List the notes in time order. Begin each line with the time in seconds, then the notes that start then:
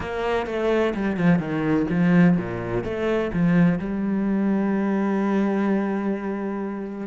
0.00 A#3
0.46 A3
0.94 G3
1.16 F3
1.38 D#3
1.90 F3
2.37 A#2
2.84 A3
3.33 F3
3.78 G3